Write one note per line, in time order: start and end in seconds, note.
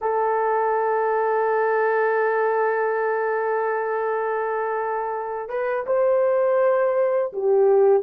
0.01 5.48 A4
5.48 5.85 B4
5.86 7.32 C5
7.32 8.02 G4